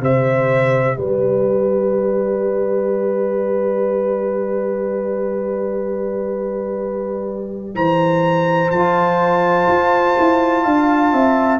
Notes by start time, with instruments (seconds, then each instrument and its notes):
0.00 tuba C3, trombone G4, horn C5, trumpet E5
0.97 tuba G3, horn B4, trumpet D5
7.75 tuba E3, horn C5, trumpet A#5
8.70 tuba F3, trombone F4, trumpet A5
9.67 tuba F4
10.19 tuba E4
10.63 tuba D4, horn F5
11.13 tuba C4, horn E5